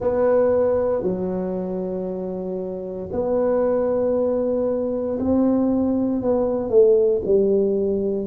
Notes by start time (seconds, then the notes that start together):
0.00 B3
1.02 F#3
3.11 B3
5.19 C4
6.22 B3
6.70 A3
7.25 G3